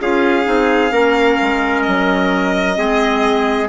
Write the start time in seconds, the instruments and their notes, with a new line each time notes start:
0.00 bassoon C#4, clarinet F4, trumpet G#4, violin F5
0.43 bassoon C4, clarinet D#4
0.91 bassoon A#3, clarinet C#4, trumpet A#4
1.41 bassoon G#3
1.82 bassoon F#3, violin D#5
2.75 bassoon G#3, clarinet C4, trumpet G#4